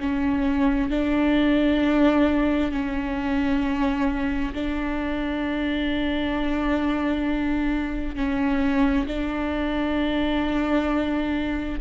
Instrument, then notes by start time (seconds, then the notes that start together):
viola
0.00 C#4
0.90 D4
2.71 C#4
4.54 D4
8.16 C#4
9.07 D4